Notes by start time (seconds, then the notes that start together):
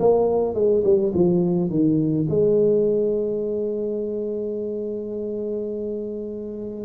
0.00 A#3
0.55 G#3
0.84 G3
1.14 F3
1.70 D#3
2.29 G#3